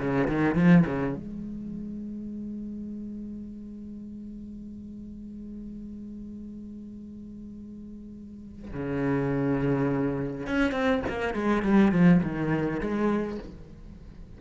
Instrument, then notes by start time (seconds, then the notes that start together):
cello
0.00 C#3
0.28 D#3
0.56 F3
0.87 C#3
1.16 G#3
8.74 C#3
10.47 C#4
10.72 C4
11.09 A#3
11.35 G#3
11.63 G3
11.92 F3
12.24 D#3
12.81 G#3